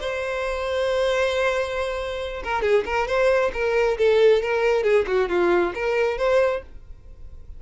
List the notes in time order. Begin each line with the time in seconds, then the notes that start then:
0.00 C5
2.43 A#4
2.61 G#4
2.85 A#4
3.07 C5
3.53 A#4
3.97 A4
4.42 A#4
4.83 G#4
5.07 F#4
5.28 F4
5.74 A#4
6.18 C5